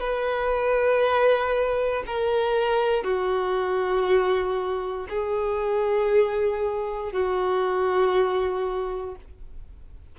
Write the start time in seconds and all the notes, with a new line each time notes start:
0.00 B4
2.06 A#4
3.04 F#4
5.09 G#4
7.12 F#4